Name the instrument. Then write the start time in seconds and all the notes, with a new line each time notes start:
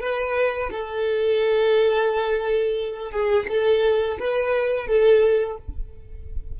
violin
0.00 B4
0.71 A4
3.11 G#4
3.48 A4
4.19 B4
4.87 A4